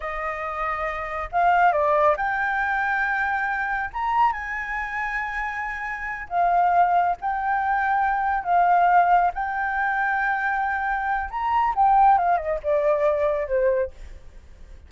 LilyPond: \new Staff \with { instrumentName = "flute" } { \time 4/4 \tempo 4 = 138 dis''2. f''4 | d''4 g''2.~ | g''4 ais''4 gis''2~ | gis''2~ gis''8 f''4.~ |
f''8 g''2. f''8~ | f''4. g''2~ g''8~ | g''2 ais''4 g''4 | f''8 dis''8 d''2 c''4 | }